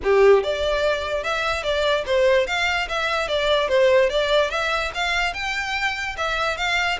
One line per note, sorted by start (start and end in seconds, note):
0.03 0.43 G4
0.43 1.23 D5
1.23 1.63 E5
1.63 2.04 D5
2.06 2.46 C5
2.46 2.87 F5
2.88 3.28 E5
3.28 3.68 D5
3.68 4.09 C5
4.09 4.50 D5
4.50 4.91 E5
4.94 5.33 F5
5.33 6.16 G5
6.17 6.57 E5
6.57 6.98 F5